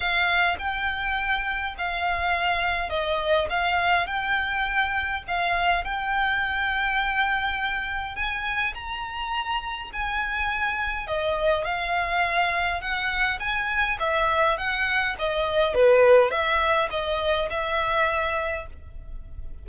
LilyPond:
\new Staff \with { instrumentName = "violin" } { \time 4/4 \tempo 4 = 103 f''4 g''2 f''4~ | f''4 dis''4 f''4 g''4~ | g''4 f''4 g''2~ | g''2 gis''4 ais''4~ |
ais''4 gis''2 dis''4 | f''2 fis''4 gis''4 | e''4 fis''4 dis''4 b'4 | e''4 dis''4 e''2 | }